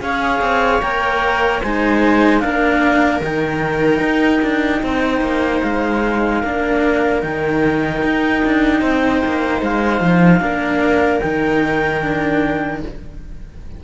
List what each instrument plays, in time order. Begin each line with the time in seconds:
0.00 cello C#4 G#4, viola C#5, clarinet F5
0.41 cello C4
0.81 cello A#3 A#4, clarinet G5
1.62 cello G#3 D#4, viola C5, clarinet G#5
2.40 cello A#3 D4, viola A#4, clarinet F5
3.21 cello D#3 D#4, clarinet G5
4.00 cello D#4
4.42 cello D4
4.83 cello C4, viola C5
5.21 cello A#3
5.62 cello G#3, clarinet F5
6.40 cello A#3 D4, viola A#4
7.21 cello D#3 D#4, clarinet G5
8.03 cello D#4
8.45 cello D4
8.80 cello C4, viola C5
9.25 cello A#3
9.61 cello G#3, clarinet F5
10.00 cello F3
10.40 cello A#3 D4, viola A#4
11.20 cello D#3 D#4, clarinet G5
12.01 cello D4